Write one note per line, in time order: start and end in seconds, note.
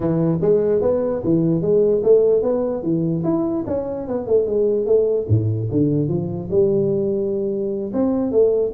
0.00 0.39 E3
0.41 0.81 G#3
0.81 1.22 B3
1.23 1.61 E3
1.61 2.02 G#3
2.03 2.42 A3
2.42 2.82 B3
2.82 3.23 E3
3.24 3.64 E4
3.67 4.07 C#4
4.07 4.27 B3
4.27 4.46 A3
4.46 4.86 G#3
4.86 5.26 A3
5.28 5.69 A2
5.71 6.08 D3
6.08 6.49 F3
6.50 7.92 G3
7.93 8.31 C4
8.31 8.72 A3